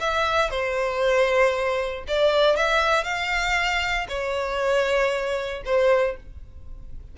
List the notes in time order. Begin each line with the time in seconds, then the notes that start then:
0.00 E5
0.50 C5
2.07 D5
2.56 E5
3.04 F5
4.09 C#5
5.65 C5